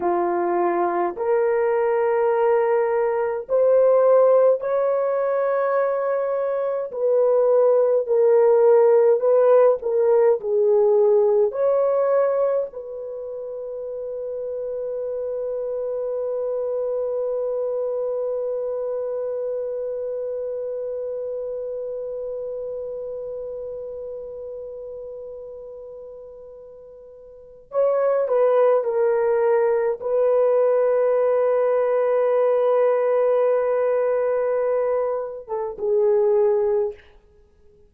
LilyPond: \new Staff \with { instrumentName = "horn" } { \time 4/4 \tempo 4 = 52 f'4 ais'2 c''4 | cis''2 b'4 ais'4 | b'8 ais'8 gis'4 cis''4 b'4~ | b'1~ |
b'1~ | b'1 | cis''8 b'8 ais'4 b'2~ | b'2~ b'8. a'16 gis'4 | }